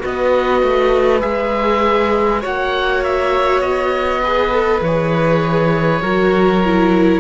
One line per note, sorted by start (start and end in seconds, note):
0.00 0.63 B3
0.00 1.20 F#4
0.00 2.41 B4
0.00 1.21 D#5
0.63 1.23 A3
1.21 2.44 G#3
1.21 2.41 G#4
1.21 2.41 E5
2.41 3.60 A#3
2.41 4.22 F#4
2.41 4.21 C#5
2.41 3.04 F#5
3.04 3.61 E5
3.60 4.80 B3
3.60 4.81 D#5
4.23 4.51 G#4
4.23 6.02 B4
4.51 4.82 A4
4.81 6.01 E3
4.81 6.02 G#4
4.81 7.20 C#5
6.02 7.20 F#3
6.02 6.62 F#4
6.02 7.20 A#4
6.65 7.20 E4